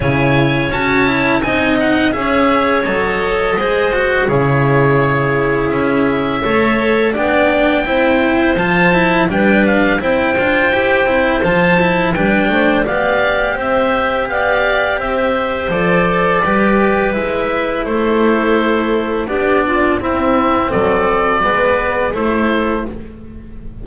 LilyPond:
<<
  \new Staff \with { instrumentName = "oboe" } { \time 4/4 \tempo 4 = 84 gis''4 a''4 gis''8 fis''8 e''4 | dis''2 cis''2 | e''2 g''2 | a''4 g''8 f''8 g''2 |
a''4 g''4 f''4 e''4 | f''4 e''4 d''2 | e''4 c''2 d''4 | e''4 d''2 c''4 | }
  \new Staff \with { instrumentName = "clarinet" } { \time 4/4 cis''2 dis''4 cis''4~ | cis''4 c''4 gis'2~ | gis'4 cis''4 d''4 c''4~ | c''4 b'4 c''2~ |
c''4 b'8 c''8 d''4 c''4 | d''4 c''2 b'4~ | b'4 a'2 g'8 f'8 | e'4 a'4 b'4 a'4 | }
  \new Staff \with { instrumentName = "cello" } { \time 4/4 e'4 fis'8 e'8 dis'4 gis'4 | a'4 gis'8 fis'8 e'2~ | e'4 a'4 d'4 e'4 | f'8 e'8 d'4 e'8 f'8 g'8 e'8 |
f'8 e'8 d'4 g'2~ | g'2 a'4 g'4 | e'2. d'4 | c'2 b4 e'4 | }
  \new Staff \with { instrumentName = "double bass" } { \time 4/4 cis4 cis'4 c'4 cis'4 | fis4 gis4 cis2 | cis'4 a4 b4 c'4 | f4 g4 c'8 d'8 e'8 c'8 |
f4 g8 a8 b4 c'4 | b4 c'4 f4 g4 | gis4 a2 b4 | c'4 fis4 gis4 a4 | }
>>